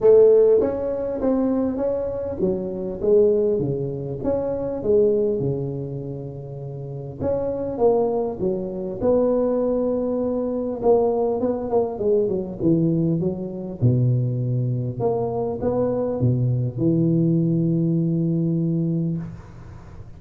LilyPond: \new Staff \with { instrumentName = "tuba" } { \time 4/4 \tempo 4 = 100 a4 cis'4 c'4 cis'4 | fis4 gis4 cis4 cis'4 | gis4 cis2. | cis'4 ais4 fis4 b4~ |
b2 ais4 b8 ais8 | gis8 fis8 e4 fis4 b,4~ | b,4 ais4 b4 b,4 | e1 | }